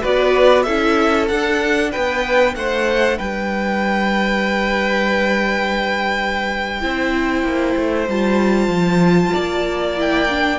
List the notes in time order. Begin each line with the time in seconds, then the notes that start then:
0.00 B3 F#4 B4 D5
0.62 C#4 E4 A4 E5
1.28 D4 F#5
1.91 B3 B4 G5
2.55 A3 C5 F#5
3.17 G3 B4 G5
6.81 C4 E4 C5
7.43 A#3
7.76 A3
8.07 G3 F4 A5
8.67 F3
9.32 A#3 D5
9.96 E4 G5
10.29 D4